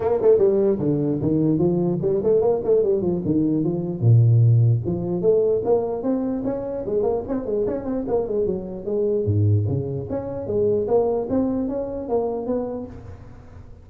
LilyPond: \new Staff \with { instrumentName = "tuba" } { \time 4/4 \tempo 4 = 149 ais8 a8 g4 d4 dis4 | f4 g8 a8 ais8 a8 g8 f8 | dis4 f4 ais,2 | f4 a4 ais4 c'4 |
cis'4 gis8 ais8 c'8 gis8 cis'8 c'8 | ais8 gis8 fis4 gis4 gis,4 | cis4 cis'4 gis4 ais4 | c'4 cis'4 ais4 b4 | }